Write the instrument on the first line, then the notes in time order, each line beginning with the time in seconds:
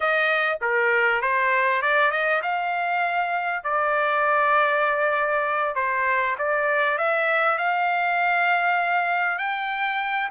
trumpet
0.00 D#5
0.61 A#4
1.21 C5
1.82 D5
2.11 D#5
2.42 F5
3.63 D5
5.75 C5
6.38 D5
6.98 E5
7.58 F5
9.38 G5